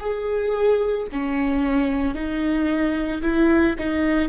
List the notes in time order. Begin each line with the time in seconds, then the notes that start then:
0.00 G#4
1.12 C#4
2.15 D#4
3.22 E4
3.79 D#4